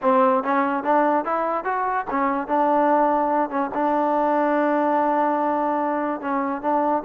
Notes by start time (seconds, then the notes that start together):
0.02 C4
0.43 C#4
0.83 D4
1.25 E4
1.64 F#4
2.10 C#4
2.47 D4
3.49 C#4
3.74 D4
6.21 C#4
6.61 D4